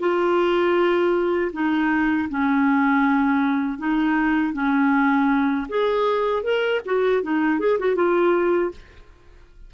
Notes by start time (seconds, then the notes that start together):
0.00 F4
1.53 D#4
2.30 C#4
3.78 D#4
4.53 C#4
5.69 G#4
6.43 A#4
6.86 F#4
7.23 D#4
7.59 G#4
7.79 F#4
7.96 F4